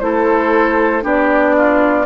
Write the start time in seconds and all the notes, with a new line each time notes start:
0.00 A3 E4 A4 C5
1.02 B3 D4 G4 D5
1.58 F4